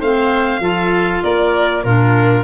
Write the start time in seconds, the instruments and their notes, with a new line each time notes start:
0.00 tuba A3, clarinet C4, oboe C5, violin F5
0.60 tuba F3, clarinet F4, oboe A4
1.24 tuba A#3, oboe A#4, violin D5
1.84 tuba A#2, clarinet D4, oboe F4, violin A#4